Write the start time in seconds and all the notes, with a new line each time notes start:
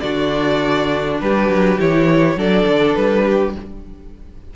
0.00 D3 D4 F#4 D5
1.21 G3 G4 B4
1.49 F#3
1.80 E3 E4 C#5
2.36 F#3 D4 A4 D5
2.66 D3
2.95 G3 B4
3.25 G4